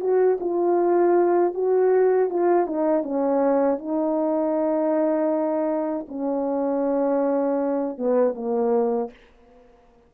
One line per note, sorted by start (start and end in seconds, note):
0.00 0.38 F#4
0.40 1.54 F4
1.54 2.30 F#4
2.30 2.67 F4
2.67 3.03 D#4
3.03 3.78 C#4
3.78 6.06 D#4
6.08 7.98 C#4
7.98 8.34 B3
8.34 9.10 A#3